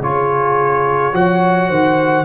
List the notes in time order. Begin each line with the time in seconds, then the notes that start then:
0.00 C#3 F4 G#4 C#5
1.13 F3 F#4 C#5 F#5
1.68 D#3 C5